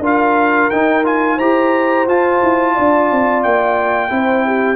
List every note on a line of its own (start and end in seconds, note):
0.00 0.68 D4
0.00 0.72 F4
0.00 1.37 A#4
0.06 0.71 F5
0.71 1.05 D#4
0.71 1.39 D#4
0.71 1.05 G5
1.05 1.39 F4
1.05 1.39 G#5
1.37 2.07 E4
1.37 2.08 G4
1.37 2.73 C5
1.37 2.08 A#5
2.07 2.41 F4
2.07 4.10 F4
2.07 3.44 A5
2.43 2.77 E4
2.75 3.12 D4
2.75 4.11 D5
3.12 3.45 C4
3.44 4.11 A#3
3.44 4.77 G5
4.10 4.77 C4
4.10 4.77 E4
4.10 4.46 C5
4.46 4.77 G4